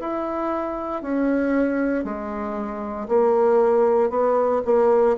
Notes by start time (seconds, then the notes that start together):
0.00 E4
1.03 C#4
2.05 G#3
3.08 A#3
4.11 B3
4.66 A#3